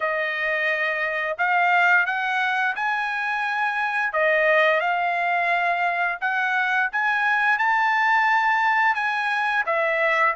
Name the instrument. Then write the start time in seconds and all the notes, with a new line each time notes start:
trumpet
0.00 D#5
1.38 F5
2.06 F#5
2.75 G#5
4.13 D#5
4.80 F5
6.21 F#5
6.92 G#5
7.58 A5
8.95 G#5
9.66 E5